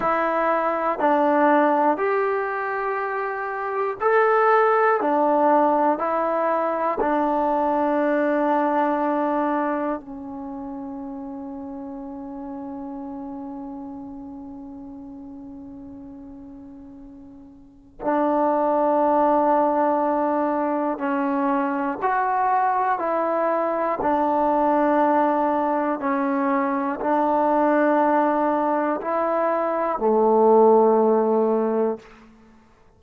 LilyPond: \new Staff \with { instrumentName = "trombone" } { \time 4/4 \tempo 4 = 60 e'4 d'4 g'2 | a'4 d'4 e'4 d'4~ | d'2 cis'2~ | cis'1~ |
cis'2 d'2~ | d'4 cis'4 fis'4 e'4 | d'2 cis'4 d'4~ | d'4 e'4 a2 | }